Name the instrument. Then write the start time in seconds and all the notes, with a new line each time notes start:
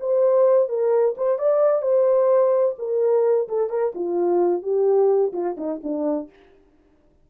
horn
0.00 C5
0.69 A#4
1.17 C5
1.39 D5
1.82 C5
2.78 A#4
3.49 A4
3.70 A#4
3.95 F4
4.63 G4
5.33 F4
5.58 D#4
5.83 D4